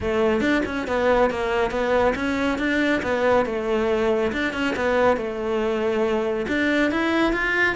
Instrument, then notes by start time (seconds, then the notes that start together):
cello
0.01 A3
0.40 D4
0.65 C#4
0.87 B3
1.30 A#3
1.71 B3
2.15 C#4
2.58 D4
3.02 B3
3.45 A3
4.32 D4
4.53 C#4
4.76 B3
5.16 A3
6.48 D4
6.91 E4
7.33 F4